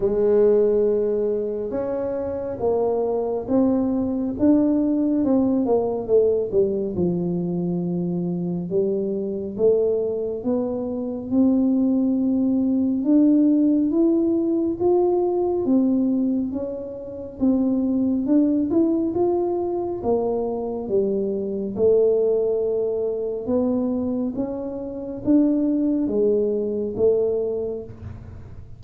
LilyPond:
\new Staff \with { instrumentName = "tuba" } { \time 4/4 \tempo 4 = 69 gis2 cis'4 ais4 | c'4 d'4 c'8 ais8 a8 g8 | f2 g4 a4 | b4 c'2 d'4 |
e'4 f'4 c'4 cis'4 | c'4 d'8 e'8 f'4 ais4 | g4 a2 b4 | cis'4 d'4 gis4 a4 | }